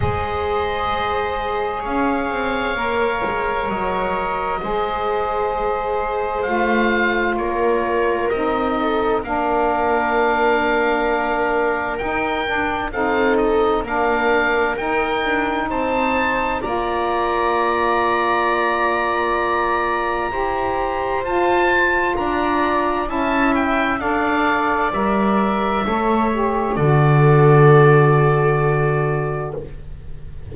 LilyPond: <<
  \new Staff \with { instrumentName = "oboe" } { \time 4/4 \tempo 4 = 65 dis''2 f''2 | dis''2. f''4 | cis''4 dis''4 f''2~ | f''4 g''4 f''8 dis''8 f''4 |
g''4 a''4 ais''2~ | ais''2. a''4 | ais''4 a''8 g''8 f''4 e''4~ | e''4 d''2. | }
  \new Staff \with { instrumentName = "viola" } { \time 4/4 c''2 cis''2~ | cis''4 c''2. | ais'4. a'8 ais'2~ | ais'2 a'4 ais'4~ |
ais'4 c''4 d''2~ | d''2 c''2 | d''4 e''4 d''2 | cis''4 a'2. | }
  \new Staff \with { instrumentName = "saxophone" } { \time 4/4 gis'2. ais'4~ | ais'4 gis'2 f'4~ | f'4 dis'4 d'2~ | d'4 dis'8 d'8 dis'4 d'4 |
dis'2 f'2~ | f'2 g'4 f'4~ | f'4 e'4 a'4 ais'4 | a'8 g'8 fis'2. | }
  \new Staff \with { instrumentName = "double bass" } { \time 4/4 gis2 cis'8 c'8 ais8 gis8 | fis4 gis2 a4 | ais4 c'4 ais2~ | ais4 dis'8 d'8 c'4 ais4 |
dis'8 d'8 c'4 ais2~ | ais2 e'4 f'4 | d'4 cis'4 d'4 g4 | a4 d2. | }
>>